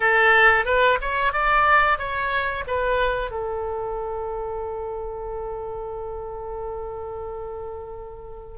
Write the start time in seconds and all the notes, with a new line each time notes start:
0.00 A4
0.65 B4
1.01 C#5
1.32 D5
1.98 C#5
2.67 B4
3.30 A4